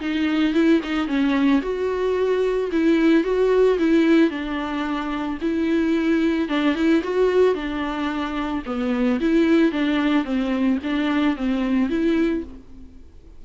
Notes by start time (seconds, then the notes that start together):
0.00 D#4
0.54 E4
0.83 D#4
1.07 C#4
1.62 F#4
2.72 E4
3.24 F#4
3.78 E4
4.30 D4
5.41 E4
6.48 D4
6.75 E4
7.03 F#4
7.54 D4
8.66 B3
9.20 E4
9.71 D4
10.24 C4
10.83 D4
11.36 C4
11.89 E4